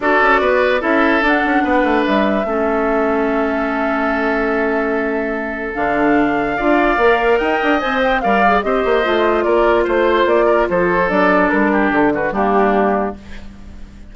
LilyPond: <<
  \new Staff \with { instrumentName = "flute" } { \time 4/4 \tempo 4 = 146 d''2 e''4 fis''4~ | fis''4 e''2.~ | e''1~ | e''2 f''2~ |
f''2 g''4 gis''8 g''8 | f''4 dis''2 d''4 | c''4 d''4 c''4 d''4 | ais'4 a'8 b'8 g'2 | }
  \new Staff \with { instrumentName = "oboe" } { \time 4/4 a'4 b'4 a'2 | b'2 a'2~ | a'1~ | a'1 |
d''2 dis''2 | d''4 c''2 ais'4 | c''4. ais'8 a'2~ | a'8 g'4 fis'8 d'2 | }
  \new Staff \with { instrumentName = "clarinet" } { \time 4/4 fis'2 e'4 d'4~ | d'2 cis'2~ | cis'1~ | cis'2 d'2 |
f'4 ais'2 c''4 | ais'8 gis'8 g'4 f'2~ | f'2. d'4~ | d'2 ais2 | }
  \new Staff \with { instrumentName = "bassoon" } { \time 4/4 d'8 cis'8 b4 cis'4 d'8 cis'8 | b8 a8 g4 a2~ | a1~ | a2 d2 |
d'4 ais4 dis'8 d'8 c'4 | g4 c'8 ais8 a4 ais4 | a4 ais4 f4 fis4 | g4 d4 g2 | }
>>